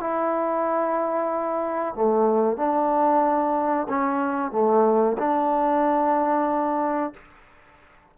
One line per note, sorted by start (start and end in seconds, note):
0.00 1.95 E4
1.95 2.57 A3
2.57 3.87 D4
3.89 4.52 C#4
4.52 5.17 A3
5.18 7.14 D4